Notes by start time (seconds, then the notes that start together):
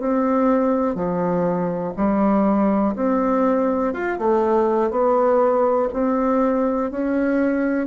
0.00 C4
0.95 F3
1.97 G3
2.96 C4
3.94 F4
4.19 A3
4.90 B3
5.93 C4
6.91 C#4